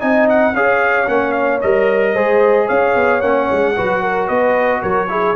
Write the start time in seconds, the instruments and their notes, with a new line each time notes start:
0.00 tuba C4, trombone D#4, horn D#5, trumpet G#5
0.29 trumpet F#5
0.54 tuba C#4, trombone G#4, horn C#5, trumpet F5
1.07 tuba A#3, trombone C#4, trumpet F#5
1.32 trumpet F5
1.61 tuba G3, trombone A#4, trumpet D#5
2.14 tuba G#3, trombone G#4, horn C5
2.66 tuba C#4, horn C#5, trumpet F5
2.95 tuba B3
3.21 tuba A#3, trombone C#4, trumpet F#5
3.52 tuba G#3
3.77 tuba F#3, trombone F#4, horn B4
4.02 horn A#4
4.28 tuba B3, horn B4, trumpet D#5
4.82 tuba F#3, horn A#4, trumpet C#5
5.08 trombone E4, horn G#4